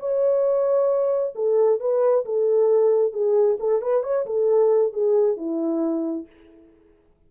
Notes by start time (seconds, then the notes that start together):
0.00 C#5
1.35 A4
1.80 B4
2.26 A4
3.13 G#4
3.60 A4
3.82 B4
4.03 C#5
4.26 A4
4.93 G#4
5.37 E4